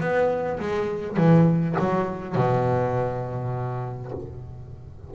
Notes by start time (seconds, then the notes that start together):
0.00 B3
0.60 G#3
1.17 E3
1.79 F#3
2.35 B2